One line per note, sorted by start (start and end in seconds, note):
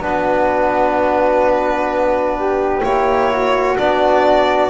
0.00 2.81 B3
0.00 2.82 D4
0.00 2.37 F#4
0.00 2.84 B4
2.39 3.32 G4
2.83 3.77 A#3
2.83 3.77 E4
2.83 3.78 C#5
3.32 4.70 F#4
3.77 4.70 B3
3.77 4.70 D4
3.77 4.70 D5